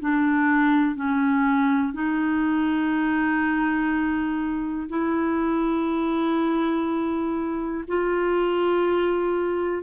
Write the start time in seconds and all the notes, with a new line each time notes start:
0.00 D4
0.96 C#4
1.94 D#4
4.89 E4
7.88 F4